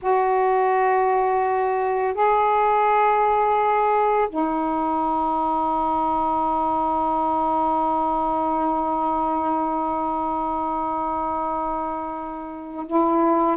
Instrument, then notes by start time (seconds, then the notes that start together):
saxophone
0.02 F#4
2.14 G#4
4.29 D#4
12.86 E4